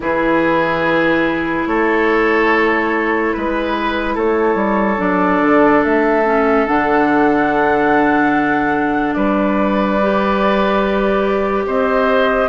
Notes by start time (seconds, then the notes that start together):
0.00 E3 E4 G#4 B4
1.66 A3 A4 C#5
3.33 G#3 B4
4.15 A3 A4 C#5
4.55 G3
4.98 F#3 D4 D5
5.41 D3
5.84 A3 E5
6.25 C#4
6.66 D3 D4 F#5
9.13 G3 B4 D5
10.01 G4
11.66 C4 C5 D#5